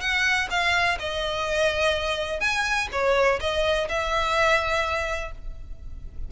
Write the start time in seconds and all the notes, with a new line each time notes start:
0.00 F#5
0.50 F5
0.99 D#5
2.40 G#5
2.92 C#5
3.40 D#5
3.89 E5